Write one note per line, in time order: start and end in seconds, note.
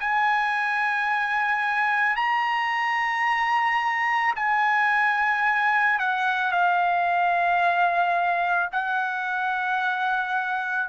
0.00 2.16 G#5
2.16 4.34 A#5
4.36 6.00 G#5
6.00 6.52 F#5
6.52 8.70 F5
8.72 10.89 F#5